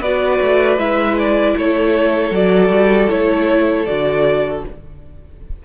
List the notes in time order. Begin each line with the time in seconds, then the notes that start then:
0.00 B3 F#4 B4 D5
0.41 A3
0.78 G#3 E4 E5
1.18 D5
1.57 A3 A4 C#5
2.31 F#3 F#4 D5
2.69 G3
3.09 A3 E4 C#5
3.85 D3 F#4 D5